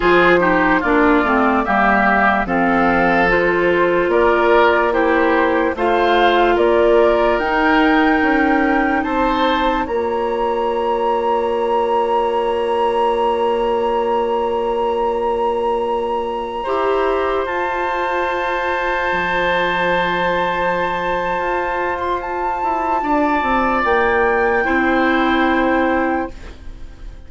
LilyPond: <<
  \new Staff \with { instrumentName = "flute" } { \time 4/4 \tempo 4 = 73 c''4 d''4 e''4 f''4 | c''4 d''4 c''4 f''4 | d''4 g''2 a''4 | ais''1~ |
ais''1~ | ais''4~ ais''16 a''2~ a''8.~ | a''2~ a''8. c'''16 a''4~ | a''4 g''2. | }
  \new Staff \with { instrumentName = "oboe" } { \time 4/4 gis'8 g'8 f'4 g'4 a'4~ | a'4 ais'4 g'4 c''4 | ais'2. c''4 | cis''1~ |
cis''1~ | cis''16 c''2.~ c''8.~ | c''1 | d''2 c''2 | }
  \new Staff \with { instrumentName = "clarinet" } { \time 4/4 f'8 dis'8 d'8 c'8 ais4 c'4 | f'2 e'4 f'4~ | f'4 dis'2. | f'1~ |
f'1~ | f'16 g'4 f'2~ f'8.~ | f'1~ | f'2 e'2 | }
  \new Staff \with { instrumentName = "bassoon" } { \time 4/4 f4 ais8 a8 g4 f4~ | f4 ais2 a4 | ais4 dis'4 cis'4 c'4 | ais1~ |
ais1~ | ais16 e'4 f'2 f8.~ | f2 f'4. e'8 | d'8 c'8 ais4 c'2 | }
>>